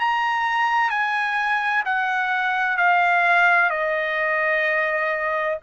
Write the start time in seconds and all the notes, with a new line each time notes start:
0.00 A#5
0.90 G#5
1.86 F#5
2.77 F5
3.71 D#5